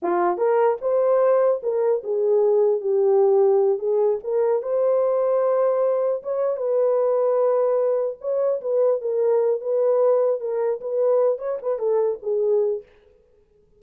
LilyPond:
\new Staff \with { instrumentName = "horn" } { \time 4/4 \tempo 4 = 150 f'4 ais'4 c''2 | ais'4 gis'2 g'4~ | g'4. gis'4 ais'4 c''8~ | c''2.~ c''8 cis''8~ |
cis''8 b'2.~ b'8~ | b'8 cis''4 b'4 ais'4. | b'2 ais'4 b'4~ | b'8 cis''8 b'8 a'4 gis'4. | }